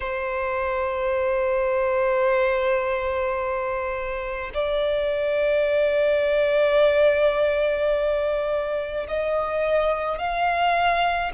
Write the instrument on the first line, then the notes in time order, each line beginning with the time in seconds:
violin
0.00 C5
4.54 D5
9.08 D#5
10.18 F5